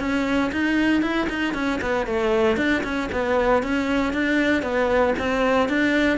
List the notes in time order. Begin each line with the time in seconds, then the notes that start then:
0.00 C#4
0.52 D#4
1.02 E4
1.30 D#4
1.54 C#4
1.82 B3
2.07 A3
2.57 D4
2.84 C#4
3.12 B3
3.63 C#4
4.14 D4
4.63 B3
5.19 C4
5.69 D4